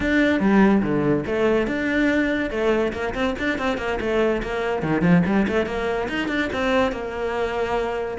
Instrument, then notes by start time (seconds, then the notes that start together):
cello
0.00 D4
0.40 G3
0.82 D3
1.26 A3
1.67 D4
2.50 A3
2.93 A#3
3.14 C4
3.38 D4
3.58 C4
3.77 A#3
4.00 A3
4.42 A#3
4.82 D#3
5.01 F3
5.25 G3
5.48 A3
5.66 A#3
6.09 D#4
6.28 D4
6.52 C4
6.92 A#3